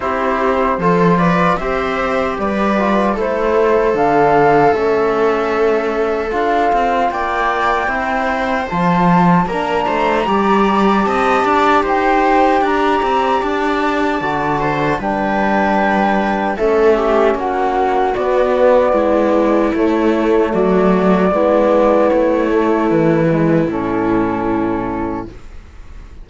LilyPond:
<<
  \new Staff \with { instrumentName = "flute" } { \time 4/4 \tempo 4 = 76 c''4. d''8 e''4 d''4 | c''4 f''4 e''2 | f''4 g''2 a''4 | ais''2 a''4 g''4 |
ais''4 a''2 g''4~ | g''4 e''4 fis''4 d''4~ | d''4 cis''4 d''2 | cis''4 b'4 a'2 | }
  \new Staff \with { instrumentName = "viola" } { \time 4/4 g'4 a'8 b'8 c''4 b'4 | a'1~ | a'4 d''4 c''2 | ais'8 c''8 d''4 dis''8 d''8 c''4 |
d''2~ d''8 c''8 b'4~ | b'4 a'8 g'8 fis'2 | e'2 fis'4 e'4~ | e'1 | }
  \new Staff \with { instrumentName = "trombone" } { \time 4/4 e'4 f'4 g'4. f'8 | e'4 d'4 cis'2 | f'2 e'4 f'4 | d'4 g'2.~ |
g'2 fis'4 d'4~ | d'4 cis'2 b4~ | b4 a2 b4~ | b8 a4 gis8 cis'2 | }
  \new Staff \with { instrumentName = "cello" } { \time 4/4 c'4 f4 c'4 g4 | a4 d4 a2 | d'8 c'8 ais4 c'4 f4 | ais8 a8 g4 c'8 d'8 dis'4 |
d'8 c'8 d'4 d4 g4~ | g4 a4 ais4 b4 | gis4 a4 fis4 gis4 | a4 e4 a,2 | }
>>